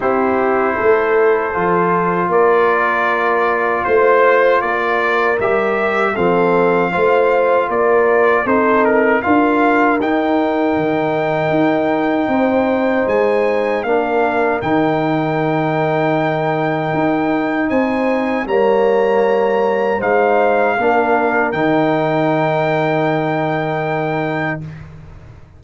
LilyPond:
<<
  \new Staff \with { instrumentName = "trumpet" } { \time 4/4 \tempo 4 = 78 c''2. d''4~ | d''4 c''4 d''4 e''4 | f''2 d''4 c''8 ais'8 | f''4 g''2.~ |
g''4 gis''4 f''4 g''4~ | g''2. gis''4 | ais''2 f''2 | g''1 | }
  \new Staff \with { instrumentName = "horn" } { \time 4/4 g'4 a'2 ais'4~ | ais'4 c''4 ais'2 | a'4 c''4 ais'4 a'4 | ais'1 |
c''2 ais'2~ | ais'2. c''4 | cis''2 c''4 ais'4~ | ais'1 | }
  \new Staff \with { instrumentName = "trombone" } { \time 4/4 e'2 f'2~ | f'2. g'4 | c'4 f'2 dis'4 | f'4 dis'2.~ |
dis'2 d'4 dis'4~ | dis'1 | ais2 dis'4 d'4 | dis'1 | }
  \new Staff \with { instrumentName = "tuba" } { \time 4/4 c'4 a4 f4 ais4~ | ais4 a4 ais4 g4 | f4 a4 ais4 c'4 | d'4 dis'4 dis4 dis'4 |
c'4 gis4 ais4 dis4~ | dis2 dis'4 c'4 | g2 gis4 ais4 | dis1 | }
>>